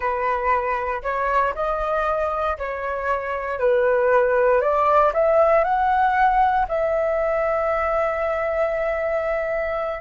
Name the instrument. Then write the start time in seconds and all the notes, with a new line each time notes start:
flute
0.00 B4
1.03 C#5
1.55 D#5
2.58 C#5
3.59 B4
4.61 D5
5.13 E5
5.64 F#5
6.68 E5